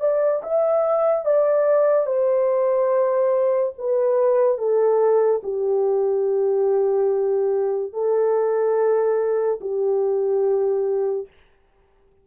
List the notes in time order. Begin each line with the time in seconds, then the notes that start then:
0.00 D5
0.43 E5
1.25 D5
2.06 C5
3.78 B4
4.58 A4
5.43 G4
7.93 A4
9.61 G4